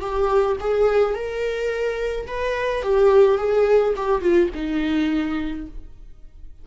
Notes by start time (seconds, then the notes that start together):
0.00 G4
0.60 G#4
1.14 A#4
2.27 B4
2.82 G4
3.37 G#4
3.96 G4
4.21 F4
4.54 D#4